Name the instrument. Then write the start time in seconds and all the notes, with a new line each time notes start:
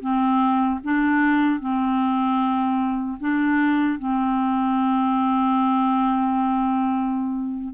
clarinet
0.00 C4
0.83 D4
1.60 C4
3.20 D4
3.98 C4